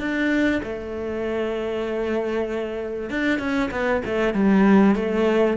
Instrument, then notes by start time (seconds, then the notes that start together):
cello
0.00 D4
0.63 A3
3.10 D4
3.39 C#4
3.71 B3
4.06 A3
4.34 G3
4.96 A3